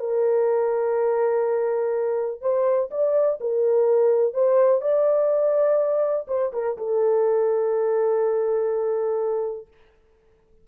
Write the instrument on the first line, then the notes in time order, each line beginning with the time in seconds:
horn
0.00 A#4
2.42 C5
2.91 D5
3.41 A#4
4.34 C5
4.82 D5
6.28 C5
6.53 A#4
6.78 A4